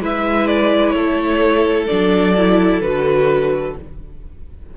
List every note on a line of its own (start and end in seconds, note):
0.00 0.94 G#3
0.00 1.89 E4
0.00 0.96 B4
0.00 0.47 E5
0.47 0.90 D5
0.90 1.88 A3
0.90 3.77 A4
0.90 1.84 C#5
1.87 2.81 F#3
1.87 2.36 D4
1.87 2.81 D5
2.37 2.83 E4
2.81 3.74 D3
2.81 3.77 F#4
2.81 3.75 B4